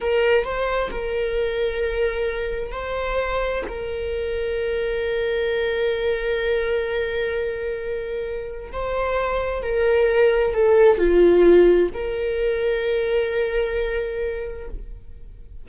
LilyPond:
\new Staff \with { instrumentName = "viola" } { \time 4/4 \tempo 4 = 131 ais'4 c''4 ais'2~ | ais'2 c''2 | ais'1~ | ais'1~ |
ais'2. c''4~ | c''4 ais'2 a'4 | f'2 ais'2~ | ais'1 | }